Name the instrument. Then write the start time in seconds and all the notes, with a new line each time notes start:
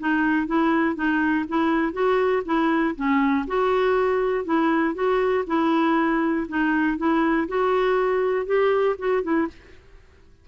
clarinet
0.00 D#4
0.47 E4
0.96 D#4
1.49 E4
1.93 F#4
2.45 E4
2.96 C#4
3.48 F#4
4.45 E4
4.95 F#4
5.47 E4
6.49 D#4
6.98 E4
7.48 F#4
8.47 G4
8.99 F#4
9.23 E4